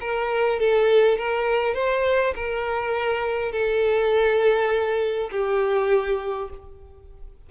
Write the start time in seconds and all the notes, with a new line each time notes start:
0.00 A#4
0.59 A4
1.17 A#4
1.74 C5
2.35 A#4
3.52 A4
5.31 G4